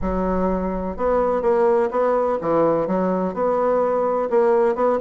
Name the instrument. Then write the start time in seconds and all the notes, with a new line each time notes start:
bassoon
0.01 F#3
0.97 B3
1.42 A#3
1.90 B3
2.41 E3
2.87 F#3
3.34 B3
4.30 A#3
4.75 B3